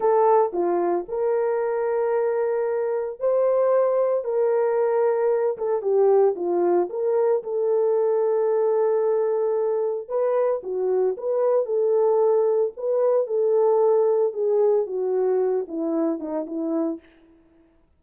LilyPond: \new Staff \with { instrumentName = "horn" } { \time 4/4 \tempo 4 = 113 a'4 f'4 ais'2~ | ais'2 c''2 | ais'2~ ais'8 a'8 g'4 | f'4 ais'4 a'2~ |
a'2. b'4 | fis'4 b'4 a'2 | b'4 a'2 gis'4 | fis'4. e'4 dis'8 e'4 | }